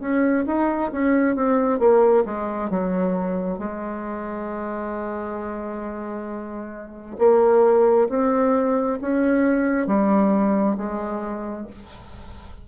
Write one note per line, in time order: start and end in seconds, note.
0.00 0.45 C#4
0.47 0.92 D#4
0.92 1.36 C#4
1.36 1.79 C4
1.79 2.24 A#3
2.26 2.70 G#3
2.70 3.58 F#3
3.58 7.16 G#3
7.18 8.08 A#3
8.09 8.99 C4
9.02 9.87 C#4
9.87 10.77 G3
10.77 11.67 G#3